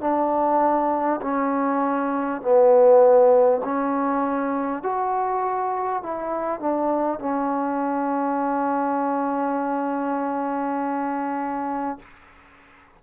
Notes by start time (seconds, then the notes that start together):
0.00 D4
1.22 C#4
2.42 B3
3.64 C#4
4.82 F#4
6.02 E4
6.60 D4
7.19 C#4